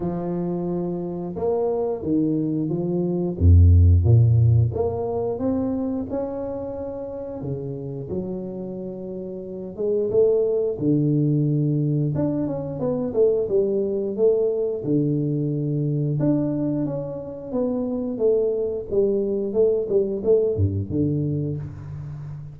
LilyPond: \new Staff \with { instrumentName = "tuba" } { \time 4/4 \tempo 4 = 89 f2 ais4 dis4 | f4 f,4 ais,4 ais4 | c'4 cis'2 cis4 | fis2~ fis8 gis8 a4 |
d2 d'8 cis'8 b8 a8 | g4 a4 d2 | d'4 cis'4 b4 a4 | g4 a8 g8 a8 g,8 d4 | }